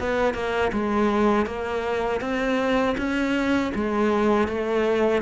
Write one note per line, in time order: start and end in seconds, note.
0.00 0.34 B3
0.34 0.72 A#3
0.73 1.46 G#3
1.46 2.21 A#3
2.21 2.96 C4
2.98 3.73 C#4
3.75 4.48 G#3
4.48 5.22 A3